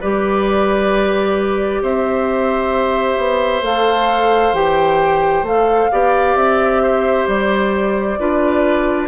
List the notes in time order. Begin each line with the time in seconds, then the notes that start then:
0.00 G3 G4 B4 D5
1.81 C4 C5 E5
3.17 B3
3.61 A3 A4 F5
4.52 E3 G4 G5
5.42 A3 A4 F5
5.91 B3 G4 D5
6.35 C4 E5
6.82 C5
7.27 G3 D5
8.19 D4 F4 B4